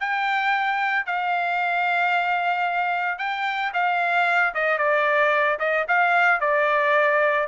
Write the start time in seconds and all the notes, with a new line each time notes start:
0.00 G5
1.06 F5
3.18 G5
3.74 F5
4.54 D#5
4.78 D5
5.59 D#5
5.88 F5
6.40 D5